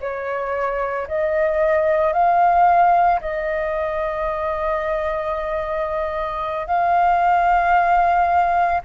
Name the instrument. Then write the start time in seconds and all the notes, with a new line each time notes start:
flute
0.00 C#5
1.07 D#5
2.12 F5
3.20 D#5
6.67 F5